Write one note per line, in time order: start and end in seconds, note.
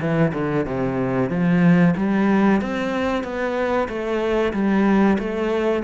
0.00 0.32 E3
0.33 0.66 D3
0.66 1.30 C3
1.30 1.94 F3
1.97 2.61 G3
2.61 3.23 C4
3.23 3.88 B3
3.88 4.53 A3
4.53 5.18 G3
5.19 5.83 A3